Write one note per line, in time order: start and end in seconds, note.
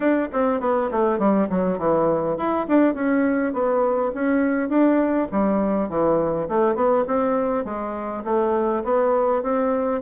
0.00 0.28 D4
0.32 0.60 C4
0.60 0.90 B3
0.91 1.18 A3
1.18 1.48 G3
1.49 1.78 F#3
1.78 2.37 E3
2.37 2.66 E4
2.68 2.94 D4
2.94 3.53 C#4
3.53 4.12 B3
4.14 4.69 C#4
4.69 5.28 D4
5.31 5.89 G3
5.89 6.48 E3
6.48 6.75 A3
6.75 7.04 B3
7.07 7.64 C4
7.64 8.23 G#3
8.24 8.83 A3
8.84 9.43 B3
9.43 10.01 C4